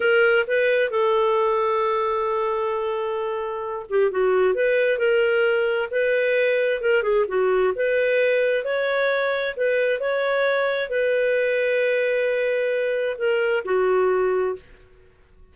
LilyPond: \new Staff \with { instrumentName = "clarinet" } { \time 4/4 \tempo 4 = 132 ais'4 b'4 a'2~ | a'1~ | a'8 g'8 fis'4 b'4 ais'4~ | ais'4 b'2 ais'8 gis'8 |
fis'4 b'2 cis''4~ | cis''4 b'4 cis''2 | b'1~ | b'4 ais'4 fis'2 | }